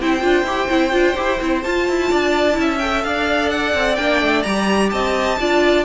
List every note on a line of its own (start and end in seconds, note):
0.00 0.22 C4
0.00 0.20 E4
0.00 2.10 C5
0.00 1.62 G5
0.20 0.43 D4
0.20 0.44 F4
0.43 0.67 E4
0.43 0.69 G4
0.69 0.92 C4
0.69 0.91 E4
0.91 1.16 D4
0.91 1.14 F4
1.15 1.40 E4
1.15 1.39 G4
1.40 1.65 C4
1.40 1.63 E4
1.62 2.53 F4
1.62 1.88 F4
1.62 2.78 A5
1.88 2.12 E4
2.10 2.57 D4
2.10 2.57 D5
2.53 3.04 C#4
2.53 2.76 E4
2.60 3.06 E5
2.78 3.98 A4
2.78 3.01 G5
3.03 3.74 D4
3.03 4.91 D5
3.03 3.50 F5
3.50 3.96 F#5
3.74 3.97 C4
3.96 4.21 A#3
3.96 4.45 D4
3.96 4.42 G5
4.21 4.44 A3
4.42 4.92 G3
4.42 5.40 G4
4.42 4.89 A#5
4.90 5.39 C4
4.90 5.38 D#5
4.90 5.83 A5
5.40 5.84 D4
5.40 5.84 F4
5.40 5.84 D5